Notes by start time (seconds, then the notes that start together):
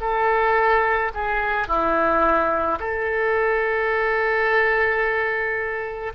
0.00 A4
1.14 G#4
1.67 E4
2.79 A4